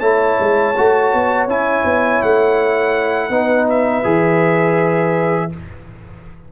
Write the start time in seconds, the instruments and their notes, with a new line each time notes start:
0.00 tuba A3, trombone E4, horn C#5, trumpet A5
0.40 tuba G#3
0.77 tuba A3, trombone F#4
1.14 tuba B3
1.47 tuba C#4, trombone E4, trumpet G#5
1.85 tuba B3
2.23 tuba A3, trumpet F#5
3.30 tuba B3, trombone D#4, horn B4
3.70 trumpet E5
4.04 tuba E3, trombone G#4